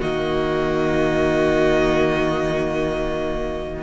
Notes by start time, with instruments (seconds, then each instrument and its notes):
0.00 cello D#3, viola A#3, violin F#4 D#5